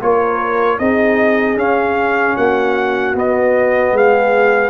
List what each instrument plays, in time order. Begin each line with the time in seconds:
0.00 tuba A#3, trombone F4, horn A#4, trumpet C#5
0.79 tuba C4, trombone D#4, horn G#4, trumpet D#5
1.55 tuba C#4, trombone C#4, trumpet F5
2.36 tuba A#3, horn F#4, trumpet F#5
3.14 tuba B3, trombone B3, trumpet D#5
3.92 tuba G#3, horn G#4, trumpet F5